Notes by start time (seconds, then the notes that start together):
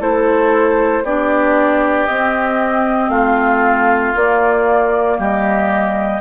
0.00 A3 E4 A4 C5
1.03 B3 D4 G4 D5
2.06 C4 D#5
3.09 A3 F4 F5
4.15 A#3 D5
5.19 G3 G4 D#5